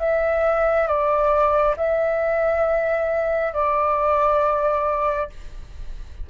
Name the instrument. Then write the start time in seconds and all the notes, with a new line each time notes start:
flute
0.00 E5
0.87 D5
1.77 E5
3.54 D5